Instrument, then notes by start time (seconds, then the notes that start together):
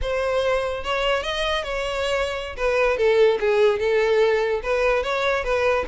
violin
0.01 C5
0.83 C#5
1.22 D#5
1.63 C#5
2.56 B4
2.97 A4
3.40 G#4
3.79 A4
4.62 B4
5.03 C#5
5.44 B4